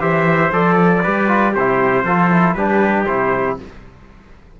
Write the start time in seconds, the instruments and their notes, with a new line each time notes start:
0.00 cello E3, trombone G4, trumpet C5 E5
0.53 cello F3, trombone A4, trumpet D5
0.74 trumpet A4
1.03 cello G3, trombone G4, trumpet B4
1.28 trombone F4
1.53 cello C3, trumpet G4 C5
1.59 trombone E4
2.04 cello F3, trombone F4, trumpet A4
2.32 trombone E4
2.54 cello G3, trombone D4, trumpet G4 B4
3.06 cello C3, trombone E4, trumpet C5